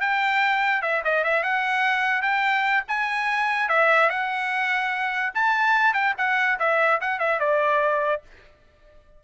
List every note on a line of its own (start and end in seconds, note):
0.00 0.82 G5
0.82 1.02 E5
1.04 1.24 D#5
1.24 1.43 E5
1.43 2.22 F#5
2.22 2.83 G5
2.88 3.69 G#5
3.69 4.09 E5
4.09 5.33 F#5
5.34 5.93 A5
5.93 6.14 G5
6.17 6.58 F#5
6.59 7.00 E5
7.01 7.19 F#5
7.19 7.39 E5
7.39 8.22 D5